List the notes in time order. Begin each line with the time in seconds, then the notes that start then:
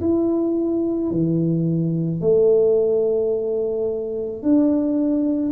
0.00 E4
1.11 E3
2.20 A3
4.42 D4